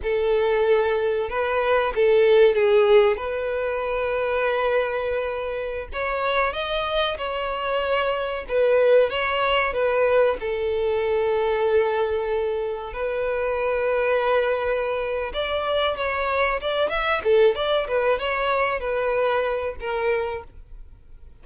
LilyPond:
\new Staff \with { instrumentName = "violin" } { \time 4/4 \tempo 4 = 94 a'2 b'4 a'4 | gis'4 b'2.~ | b'4~ b'16 cis''4 dis''4 cis''8.~ | cis''4~ cis''16 b'4 cis''4 b'8.~ |
b'16 a'2.~ a'8.~ | a'16 b'2.~ b'8. | d''4 cis''4 d''8 e''8 a'8 d''8 | b'8 cis''4 b'4. ais'4 | }